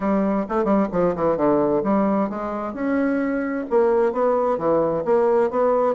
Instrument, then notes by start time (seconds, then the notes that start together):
bassoon
0.00 G3
0.48 A3
0.64 G3
0.92 F3
1.15 E3
1.36 D3
1.83 G3
2.29 G#3
2.73 C#4
3.70 A#3
4.12 B3
4.57 E3
5.04 A#3
5.50 B3